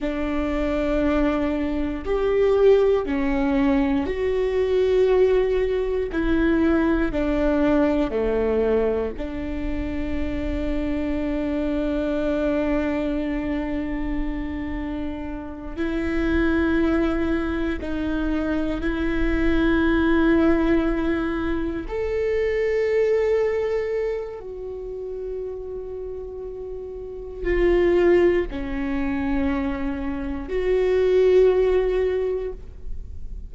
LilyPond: \new Staff \with { instrumentName = "viola" } { \time 4/4 \tempo 4 = 59 d'2 g'4 cis'4 | fis'2 e'4 d'4 | a4 d'2.~ | d'2.~ d'8 e'8~ |
e'4. dis'4 e'4.~ | e'4. a'2~ a'8 | fis'2. f'4 | cis'2 fis'2 | }